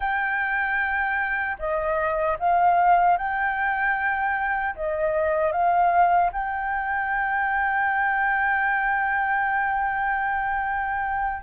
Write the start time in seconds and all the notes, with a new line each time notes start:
0.00 G5
1.58 D#5
2.39 F5
3.17 G5
4.75 D#5
5.52 F5
6.32 G5